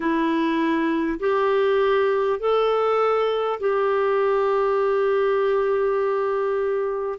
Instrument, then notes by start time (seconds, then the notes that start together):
clarinet
0.00 E4
1.19 G4
2.39 A4
3.59 G4